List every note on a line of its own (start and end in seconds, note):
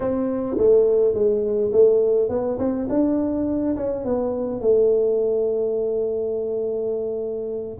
0.00 0.57 C4
0.57 1.14 A3
1.14 1.71 G#3
1.72 2.29 A3
2.29 2.58 B3
2.58 2.87 C4
2.89 3.76 D4
3.76 4.04 C#4
4.04 4.60 B3
4.60 7.78 A3